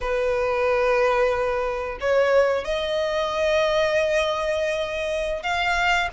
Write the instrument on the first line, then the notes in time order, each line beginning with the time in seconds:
violin
0.00 B4
2.00 C#5
2.64 D#5
5.42 F5